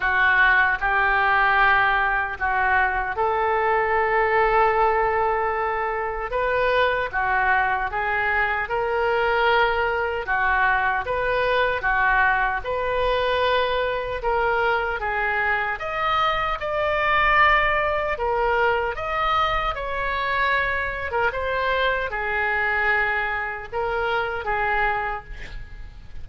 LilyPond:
\new Staff \with { instrumentName = "oboe" } { \time 4/4 \tempo 4 = 76 fis'4 g'2 fis'4 | a'1 | b'4 fis'4 gis'4 ais'4~ | ais'4 fis'4 b'4 fis'4 |
b'2 ais'4 gis'4 | dis''4 d''2 ais'4 | dis''4 cis''4.~ cis''16 ais'16 c''4 | gis'2 ais'4 gis'4 | }